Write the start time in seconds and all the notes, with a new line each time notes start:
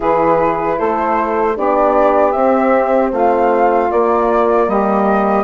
0.00 E3 E4 G#4 B4
0.78 A3 A4 C5
1.56 B3 D4 G4 D5
2.31 C4 E5
3.11 A3 F4 F5
3.90 A#3 D5
4.67 G3 G4 D#5